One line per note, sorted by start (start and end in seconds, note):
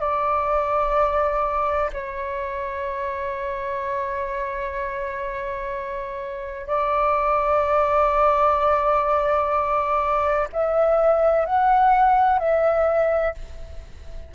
0.00 1.90 D5
1.93 6.67 C#5
6.67 10.48 D5
10.53 11.46 E5
11.46 12.39 F#5
12.39 13.34 E5